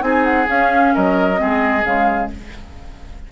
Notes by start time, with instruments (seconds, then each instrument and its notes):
0.00 bassoon C4, clarinet D#4, oboe G#4, flute G#5
0.25 flute F#5
0.48 clarinet C#4, bassoon C#4, flute F5
0.95 bassoon F#3, oboe A#4, flute D#5
1.36 bassoon G#3, clarinet C4, oboe G#4
1.84 bassoon C#3, clarinet G#3, flute F5